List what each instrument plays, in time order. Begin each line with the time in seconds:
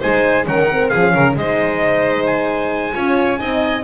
0.00 double bass G#3, horn D#4, violin C5, trumpet G#5
0.45 double bass D#3, horn C#4, violin A#4, trumpet F#5
0.71 horn C4
0.89 double bass F3, horn C#4, violin G#4, trumpet F5
1.14 double bass C#3, violin A#4
1.36 double bass G#3, horn D#4, violin C5, trumpet D#5
2.26 trumpet G#5
2.93 double bass C#4, horn F4, violin C#5
3.38 double bass C4, horn D#4, violin D#5